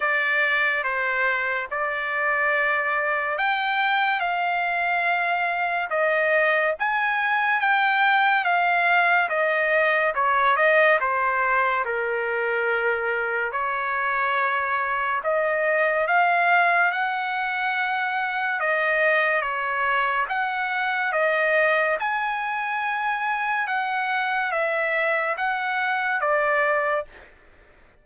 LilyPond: \new Staff \with { instrumentName = "trumpet" } { \time 4/4 \tempo 4 = 71 d''4 c''4 d''2 | g''4 f''2 dis''4 | gis''4 g''4 f''4 dis''4 | cis''8 dis''8 c''4 ais'2 |
cis''2 dis''4 f''4 | fis''2 dis''4 cis''4 | fis''4 dis''4 gis''2 | fis''4 e''4 fis''4 d''4 | }